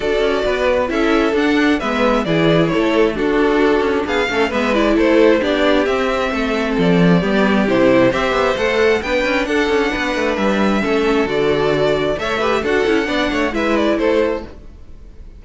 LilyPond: <<
  \new Staff \with { instrumentName = "violin" } { \time 4/4 \tempo 4 = 133 d''2 e''4 fis''4 | e''4 d''4 cis''4 a'4~ | a'4 f''4 e''8 d''8 c''4 | d''4 e''2 d''4~ |
d''4 c''4 e''4 fis''4 | g''4 fis''2 e''4~ | e''4 d''2 e''4 | fis''2 e''8 d''8 c''4 | }
  \new Staff \with { instrumentName = "violin" } { \time 4/4 a'4 b'4 a'2 | b'4 gis'4 a'4 fis'4~ | fis'4 gis'8 a'8 b'4 a'4 | g'2 a'2 |
g'2 c''2 | b'4 a'4 b'2 | a'2. cis''8 b'8 | a'4 d''8 cis''8 b'4 a'4 | }
  \new Staff \with { instrumentName = "viola" } { \time 4/4 fis'2 e'4 d'4 | b4 e'2 d'4~ | d'4. cis'8 b8 e'4. | d'4 c'2. |
b4 e'4 g'4 a'4 | d'1 | cis'4 fis'2 a'8 g'8 | fis'8 e'8 d'4 e'2 | }
  \new Staff \with { instrumentName = "cello" } { \time 4/4 d'8 cis'8 b4 cis'4 d'4 | gis4 e4 a4 d'4~ | d'8 cis'8 b8 a8 gis4 a4 | b4 c'4 a4 f4 |
g4 c4 c'8 b8 a4 | b8 cis'8 d'8 cis'8 b8 a8 g4 | a4 d2 a4 | d'8 cis'8 b8 a8 gis4 a4 | }
>>